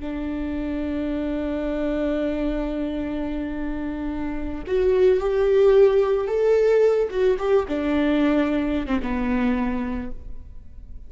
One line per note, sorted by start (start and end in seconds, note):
0.00 4.64 D4
4.67 5.20 F#4
5.20 6.27 G4
6.27 7.09 A4
7.10 7.37 F#4
7.39 7.66 G4
7.68 8.87 D4
8.87 9.00 C4
9.02 10.11 B3